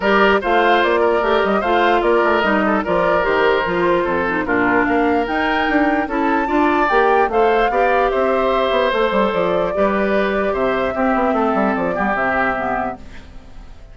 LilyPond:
<<
  \new Staff \with { instrumentName = "flute" } { \time 4/4 \tempo 4 = 148 d''4 f''4 d''4. dis''8 | f''4 d''4 dis''4 d''4 | c''2. ais'4 | f''4 g''2 a''4~ |
a''4 g''4 f''2 | e''2 c''4 d''4~ | d''2 e''2~ | e''4 d''4 e''2 | }
  \new Staff \with { instrumentName = "oboe" } { \time 4/4 ais'4 c''4. ais'4. | c''4 ais'4. a'8 ais'4~ | ais'2 a'4 f'4 | ais'2. a'4 |
d''2 c''4 d''4 | c''1 | b'2 c''4 g'4 | a'4. g'2~ g'8 | }
  \new Staff \with { instrumentName = "clarinet" } { \time 4/4 g'4 f'2 g'4 | f'2 dis'4 f'4 | g'4 f'4. dis'8 d'4~ | d'4 dis'2 e'4 |
f'4 g'4 a'4 g'4~ | g'2 a'2 | g'2. c'4~ | c'4. b8 c'4 b4 | }
  \new Staff \with { instrumentName = "bassoon" } { \time 4/4 g4 a4 ais4 a8 g8 | a4 ais8 a8 g4 f4 | dis4 f4 f,4 ais,4 | ais4 dis'4 d'4 cis'4 |
d'4 ais4 a4 b4 | c'4. b8 a8 g8 f4 | g2 c4 c'8 b8 | a8 g8 f8 g8 c2 | }
>>